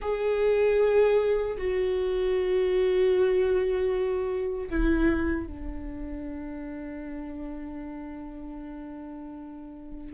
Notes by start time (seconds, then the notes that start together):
0.01 G#4
1.57 F#4
4.70 E4
5.46 D4